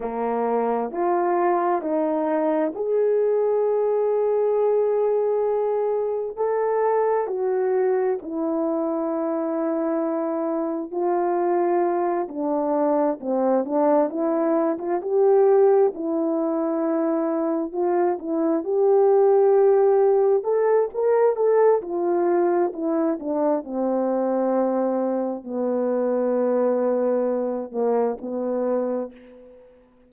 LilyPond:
\new Staff \with { instrumentName = "horn" } { \time 4/4 \tempo 4 = 66 ais4 f'4 dis'4 gis'4~ | gis'2. a'4 | fis'4 e'2. | f'4. d'4 c'8 d'8 e'8~ |
e'16 f'16 g'4 e'2 f'8 | e'8 g'2 a'8 ais'8 a'8 | f'4 e'8 d'8 c'2 | b2~ b8 ais8 b4 | }